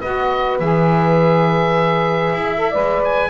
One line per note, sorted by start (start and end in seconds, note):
0.00 0.60 B3
0.00 0.60 F#4
0.00 2.42 B4
0.00 0.57 D#5
0.59 2.31 E3
0.59 2.56 G#4
0.59 3.02 E5
2.33 2.74 E4
2.42 2.71 E5
2.56 2.71 A4
2.71 3.29 G#3
2.71 3.29 B4
2.71 3.28 D5
3.04 3.29 G#5